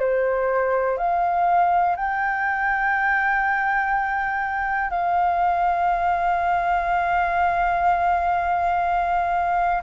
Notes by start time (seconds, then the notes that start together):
0.00 C5
0.98 F5
1.96 G5
4.90 F5